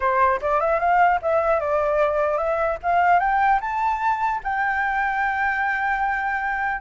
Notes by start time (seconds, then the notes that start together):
0.00 C5
0.41 D5
0.60 E5
0.79 F5
1.21 E5
1.59 D5
2.37 E5
2.82 F5
3.19 G5
3.60 A5
4.43 G5